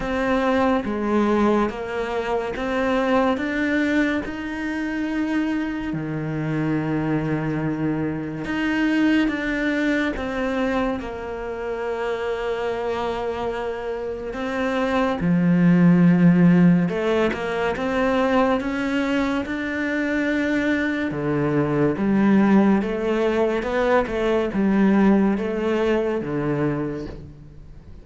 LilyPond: \new Staff \with { instrumentName = "cello" } { \time 4/4 \tempo 4 = 71 c'4 gis4 ais4 c'4 | d'4 dis'2 dis4~ | dis2 dis'4 d'4 | c'4 ais2.~ |
ais4 c'4 f2 | a8 ais8 c'4 cis'4 d'4~ | d'4 d4 g4 a4 | b8 a8 g4 a4 d4 | }